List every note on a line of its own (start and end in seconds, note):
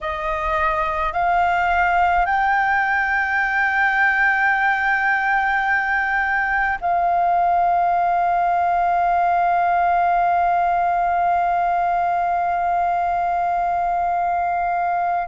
0.01 1.13 D#5
1.13 2.25 F5
2.25 6.78 G5
6.80 15.27 F5